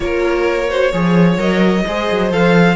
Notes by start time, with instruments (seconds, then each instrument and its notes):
0.00 cello A#3, viola F4, violin A#4 C#5
0.69 viola F#4, violin C5
0.91 cello F3, viola G#4, violin C#5
1.37 cello F#3, viola A#4, violin D#5
1.87 cello G#3, viola G#4, violin C5
2.10 cello F#3
2.31 cello F3, viola A4, violin F5